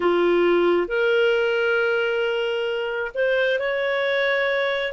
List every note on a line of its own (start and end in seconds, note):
0.00 0.87 F4
0.87 3.11 A#4
3.14 3.59 C5
3.59 4.93 C#5